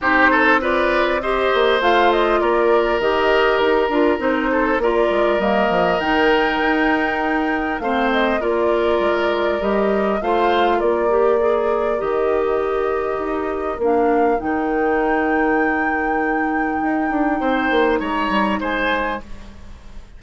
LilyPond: <<
  \new Staff \with { instrumentName = "flute" } { \time 4/4 \tempo 4 = 100 c''4 d''4 dis''4 f''8 dis''8 | d''4 dis''4 ais'4 c''4 | d''4 dis''4 g''2~ | g''4 f''8 dis''8 d''2 |
dis''4 f''4 d''2 | dis''2. f''4 | g''1~ | g''2 ais''4 gis''4 | }
  \new Staff \with { instrumentName = "oboe" } { \time 4/4 g'8 a'8 b'4 c''2 | ais'2.~ ais'8 a'8 | ais'1~ | ais'4 c''4 ais'2~ |
ais'4 c''4 ais'2~ | ais'1~ | ais'1~ | ais'4 c''4 cis''4 c''4 | }
  \new Staff \with { instrumentName = "clarinet" } { \time 4/4 dis'4 f'4 g'4 f'4~ | f'4 g'4. f'8 dis'4 | f'4 ais4 dis'2~ | dis'4 c'4 f'2 |
g'4 f'4. g'8 gis'4 | g'2. d'4 | dis'1~ | dis'1 | }
  \new Staff \with { instrumentName = "bassoon" } { \time 4/4 c'2~ c'8 ais8 a4 | ais4 dis4 dis'8 d'8 c'4 | ais8 gis8 g8 f8 dis4 dis'4~ | dis'4 a4 ais4 gis4 |
g4 a4 ais2 | dis2 dis'4 ais4 | dis1 | dis'8 d'8 c'8 ais8 gis8 g8 gis4 | }
>>